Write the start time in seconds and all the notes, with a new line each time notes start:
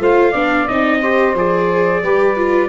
0.00 A3 F4 C5 F5
0.31 B3 D4 D5
0.68 C4 D#4 D#5
1.02 G4 C5
1.35 F3 G#4 D5
2.03 G3 G4 B4
2.37 F4